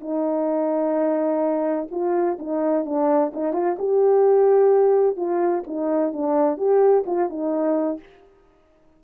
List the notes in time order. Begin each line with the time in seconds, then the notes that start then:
0.00 D#4
1.91 F4
2.39 D#4
2.85 D4
3.33 D#4
3.53 F4
3.78 G4
5.16 F4
5.67 D#4
6.13 D4
6.57 G4
7.06 F4
7.29 D#4